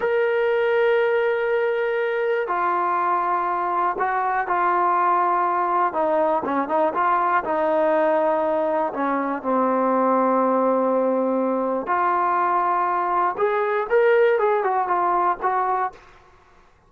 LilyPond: \new Staff \with { instrumentName = "trombone" } { \time 4/4 \tempo 4 = 121 ais'1~ | ais'4 f'2. | fis'4 f'2. | dis'4 cis'8 dis'8 f'4 dis'4~ |
dis'2 cis'4 c'4~ | c'1 | f'2. gis'4 | ais'4 gis'8 fis'8 f'4 fis'4 | }